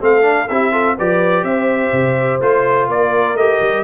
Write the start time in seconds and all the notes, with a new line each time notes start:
0.00 A3 C4 A4 F5
0.22 D4
0.48 C4 E4 G4 E5
0.72 F4 A4
0.98 F3 G4 B4 D5
1.44 C4 C5 E5
1.92 C3
2.41 A3 F4 C5
2.88 A#3 A#4 D5
3.35 A3 G4 D#5
3.61 G3